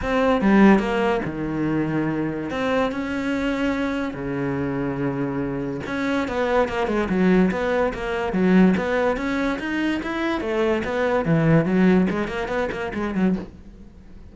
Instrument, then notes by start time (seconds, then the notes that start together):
cello
0.02 C4
0.41 G3
0.79 A#3
1.25 D#3
2.50 C4
2.91 C#4
4.14 C#3
5.86 C#4
6.28 B3
6.68 A#3
6.87 G#3
7.09 F#3
7.51 B3
7.93 A#3
8.32 F#3
8.77 B3
9.17 C#4
9.59 D#4
10.02 E4
10.41 A3
10.84 B3
11.25 E3
11.65 F#3
12.09 G#3
12.27 A#3
12.48 B3
12.71 A#3
12.94 G#3
13.14 F#3